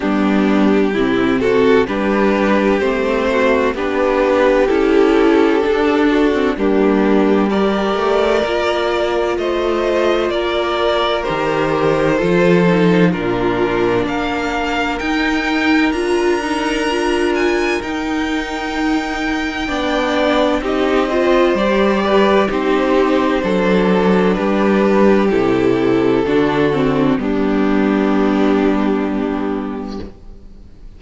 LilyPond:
<<
  \new Staff \with { instrumentName = "violin" } { \time 4/4 \tempo 4 = 64 g'4. a'8 b'4 c''4 | b'4 a'2 g'4 | d''2 dis''4 d''4 | c''2 ais'4 f''4 |
g''4 ais''4. gis''8 g''4~ | g''2 dis''4 d''4 | c''2 b'4 a'4~ | a'4 g'2. | }
  \new Staff \with { instrumentName = "violin" } { \time 4/4 d'4 e'8 fis'8 g'4. fis'8 | g'2~ g'8 fis'8 d'4 | ais'2 c''4 ais'4~ | ais'4 a'4 f'4 ais'4~ |
ais'1~ | ais'4 d''4 g'8 c''4 b'8 | g'4 a'4 g'2 | fis'4 d'2. | }
  \new Staff \with { instrumentName = "viola" } { \time 4/4 b4 c'4 d'4 c'4 | d'4 e'4 d'8. c'16 ais4 | g'4 f'2. | g'4 f'8 dis'8 d'2 |
dis'4 f'8 dis'8 f'4 dis'4~ | dis'4 d'4 dis'8 f'8 g'4 | dis'4 d'2 e'4 | d'8 c'8 b2. | }
  \new Staff \with { instrumentName = "cello" } { \time 4/4 g4 c4 g4 a4 | b4 cis'4 d'4 g4~ | g8 a8 ais4 a4 ais4 | dis4 f4 ais,4 ais4 |
dis'4 d'2 dis'4~ | dis'4 b4 c'4 g4 | c'4 fis4 g4 c4 | d4 g2. | }
>>